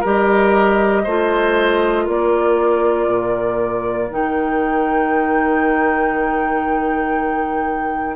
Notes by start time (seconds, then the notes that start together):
0.00 G3 G4 A#4
0.06 D#5
1.04 A3 F4 C5
2.05 A#3 A#4 D5
3.07 A#2
4.10 D#3 D#4 G5